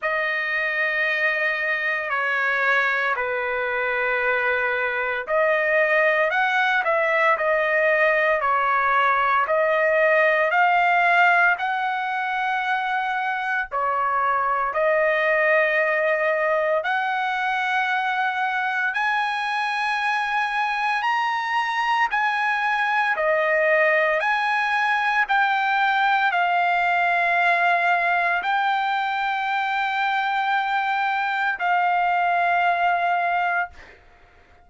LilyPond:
\new Staff \with { instrumentName = "trumpet" } { \time 4/4 \tempo 4 = 57 dis''2 cis''4 b'4~ | b'4 dis''4 fis''8 e''8 dis''4 | cis''4 dis''4 f''4 fis''4~ | fis''4 cis''4 dis''2 |
fis''2 gis''2 | ais''4 gis''4 dis''4 gis''4 | g''4 f''2 g''4~ | g''2 f''2 | }